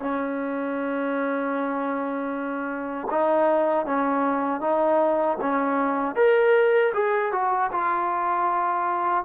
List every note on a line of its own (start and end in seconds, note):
0.00 3.08 C#4
3.11 3.86 D#4
3.86 4.61 C#4
4.61 5.38 D#4
5.41 6.16 C#4
6.16 6.93 A#4
6.94 7.33 G#4
7.33 7.71 F#4
7.72 9.25 F4